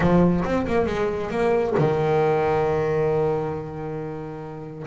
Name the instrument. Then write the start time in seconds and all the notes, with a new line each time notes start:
double bass
0.00 F3
0.44 C4
0.67 A#3
0.86 G#3
1.30 A#3
1.78 D#3